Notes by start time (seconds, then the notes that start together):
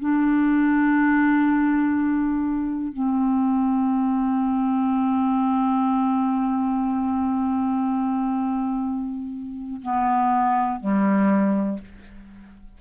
0.00 D4
2.93 C4
9.82 B3
10.81 G3